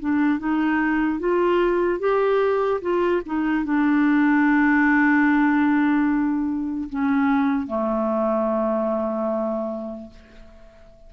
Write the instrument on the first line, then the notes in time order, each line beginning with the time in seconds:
clarinet
0.00 D4
0.39 D#4
1.20 F4
2.00 G4
2.82 F4
3.26 D#4
3.65 D4
6.90 C#4
7.67 A3